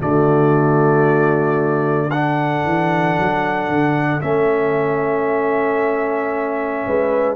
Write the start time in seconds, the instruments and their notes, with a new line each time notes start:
0.00 tuba D3, trombone A3, horn F#4, trumpet D5
2.08 trombone D4, horn A4, trumpet F#5
2.65 tuba E3
3.19 tuba F#3
3.69 tuba D3
4.21 tuba A3, trombone C#4, trumpet E5
6.87 tuba G#3, horn B4